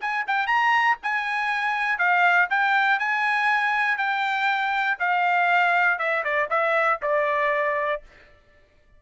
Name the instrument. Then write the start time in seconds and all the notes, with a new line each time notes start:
trumpet
0.00 G#5
0.27 G5
0.47 A#5
1.02 G#5
1.98 F5
2.50 G5
2.99 G#5
3.97 G5
4.99 F5
5.98 E5
6.24 D5
6.50 E5
7.01 D5